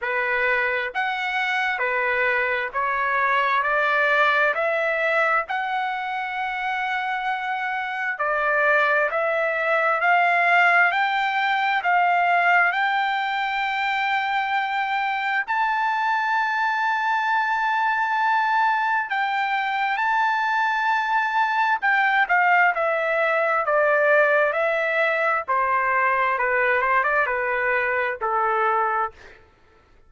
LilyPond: \new Staff \with { instrumentName = "trumpet" } { \time 4/4 \tempo 4 = 66 b'4 fis''4 b'4 cis''4 | d''4 e''4 fis''2~ | fis''4 d''4 e''4 f''4 | g''4 f''4 g''2~ |
g''4 a''2.~ | a''4 g''4 a''2 | g''8 f''8 e''4 d''4 e''4 | c''4 b'8 c''16 d''16 b'4 a'4 | }